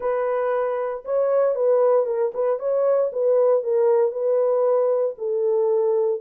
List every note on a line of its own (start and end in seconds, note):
0.00 1.03 B4
1.05 1.55 C#5
1.55 2.06 B4
2.06 2.32 A#4
2.34 2.59 B4
2.59 3.11 C#5
3.12 3.63 B4
3.63 4.11 A#4
4.11 5.15 B4
5.17 6.20 A4